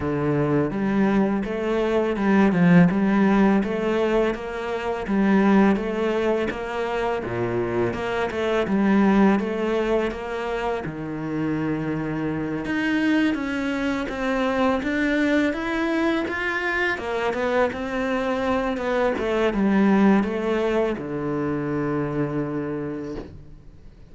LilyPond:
\new Staff \with { instrumentName = "cello" } { \time 4/4 \tempo 4 = 83 d4 g4 a4 g8 f8 | g4 a4 ais4 g4 | a4 ais4 ais,4 ais8 a8 | g4 a4 ais4 dis4~ |
dis4. dis'4 cis'4 c'8~ | c'8 d'4 e'4 f'4 ais8 | b8 c'4. b8 a8 g4 | a4 d2. | }